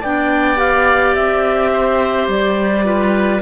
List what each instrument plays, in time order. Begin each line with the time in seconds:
0.00 cello B3, clarinet D4 G5, oboe D5
0.56 clarinet G4 F5
1.14 cello C4, clarinet E5
1.73 oboe C5
2.27 cello G3, clarinet D5
2.83 clarinet F4, oboe B4